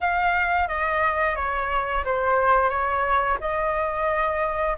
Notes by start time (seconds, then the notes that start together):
0.01 F5
0.68 D#5
1.35 C#5
2.05 C5
2.69 C#5
3.40 D#5